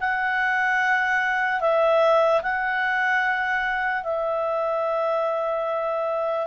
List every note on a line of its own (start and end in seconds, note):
0.00 1.60 F#5
1.60 2.41 E5
2.42 4.03 F#5
4.03 6.46 E5